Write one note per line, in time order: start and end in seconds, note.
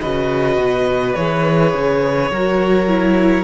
0.00 0.57 C#3
0.00 1.17 F#4
0.00 2.32 B4
0.00 1.15 D#5
0.57 1.15 B2
1.15 1.74 E3
1.15 2.33 G#4
1.15 3.44 C#5
1.74 2.31 C#3
2.31 3.44 F#3
2.31 2.88 F#4
2.31 3.44 A#4
2.88 3.44 E4